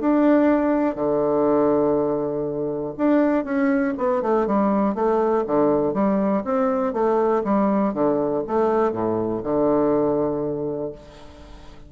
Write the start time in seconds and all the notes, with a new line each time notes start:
0.00 D4
0.95 D3
2.98 D4
3.44 C#4
3.97 B3
4.22 A3
4.46 G3
4.95 A3
5.46 D3
5.93 G3
6.44 C4
6.93 A3
7.44 G3
7.93 D3
8.47 A3
8.92 A2
9.43 D3